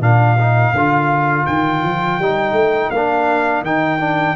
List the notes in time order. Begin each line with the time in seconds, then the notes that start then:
0.00 A#2 D4 A#4 F5
0.38 D#4
0.73 D3 F4
1.46 D#3 G5
1.83 F3
2.19 G3 D#4
2.52 A3
2.90 A#3 D4 F5
3.61 D#3 D#4 G5
3.99 D4